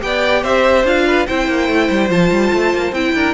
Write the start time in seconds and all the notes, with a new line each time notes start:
0.00 B3 G4 D5 G5
0.42 C4 C5 E5
0.84 D4 F4 F5
1.07 B4
1.26 C4 E4 C5 G5
1.47 A#3
1.68 A3
1.90 G3
2.09 F3 F4 A5
2.31 G3
2.53 A3
2.73 A#3
2.92 C4 E4 G5
3.14 D4 A#4